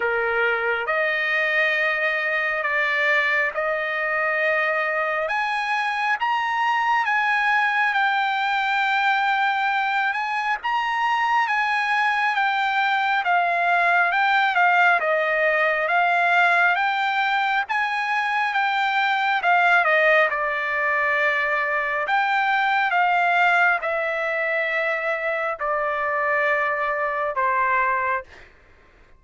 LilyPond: \new Staff \with { instrumentName = "trumpet" } { \time 4/4 \tempo 4 = 68 ais'4 dis''2 d''4 | dis''2 gis''4 ais''4 | gis''4 g''2~ g''8 gis''8 | ais''4 gis''4 g''4 f''4 |
g''8 f''8 dis''4 f''4 g''4 | gis''4 g''4 f''8 dis''8 d''4~ | d''4 g''4 f''4 e''4~ | e''4 d''2 c''4 | }